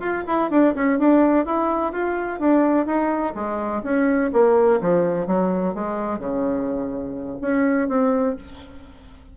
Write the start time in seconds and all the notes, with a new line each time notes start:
0.00 F4
0.27 E4
0.51 D4
0.75 C#4
0.99 D4
1.46 E4
1.93 F4
2.40 D4
2.86 D#4
3.35 G#3
3.84 C#4
4.33 A#3
4.81 F3
5.27 F#3
5.75 G#3
6.19 C#3
7.42 C#4
7.89 C4